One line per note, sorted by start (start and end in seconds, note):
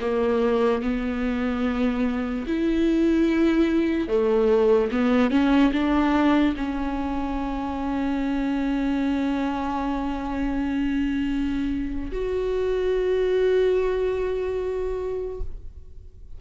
0.00 0.81 A#3
0.81 2.46 B3
2.47 4.08 E4
4.08 4.90 A3
4.91 5.31 B3
5.31 5.72 C#4
5.72 6.55 D4
6.56 12.11 C#4
12.12 15.40 F#4